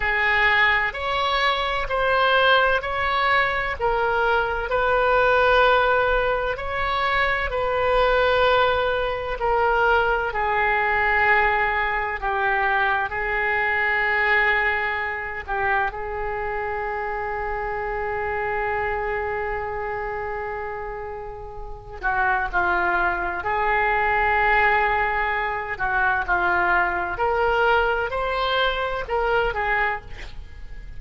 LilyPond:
\new Staff \with { instrumentName = "oboe" } { \time 4/4 \tempo 4 = 64 gis'4 cis''4 c''4 cis''4 | ais'4 b'2 cis''4 | b'2 ais'4 gis'4~ | gis'4 g'4 gis'2~ |
gis'8 g'8 gis'2.~ | gis'2.~ gis'8 fis'8 | f'4 gis'2~ gis'8 fis'8 | f'4 ais'4 c''4 ais'8 gis'8 | }